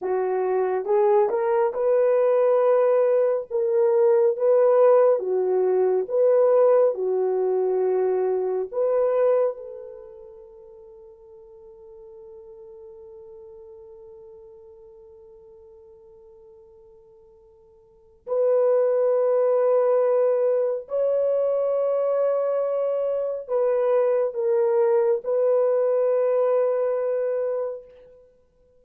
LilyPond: \new Staff \with { instrumentName = "horn" } { \time 4/4 \tempo 4 = 69 fis'4 gis'8 ais'8 b'2 | ais'4 b'4 fis'4 b'4 | fis'2 b'4 a'4~ | a'1~ |
a'1~ | a'4 b'2. | cis''2. b'4 | ais'4 b'2. | }